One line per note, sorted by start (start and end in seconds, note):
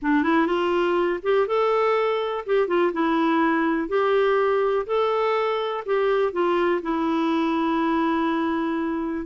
0.02 0.23 D4
0.23 0.46 E4
0.46 1.20 F4
1.22 1.47 G4
1.47 2.44 A4
2.45 2.67 G4
2.67 2.91 F4
2.92 3.88 E4
3.88 4.85 G4
4.86 5.84 A4
5.85 6.32 G4
6.32 6.81 F4
6.82 9.25 E4